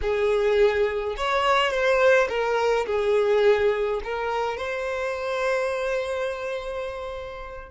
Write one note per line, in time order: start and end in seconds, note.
0.01 1.16 G#4
1.16 1.70 C#5
1.70 2.28 C5
2.29 2.86 A#4
2.86 4.00 G#4
4.03 4.57 A#4
4.57 7.70 C5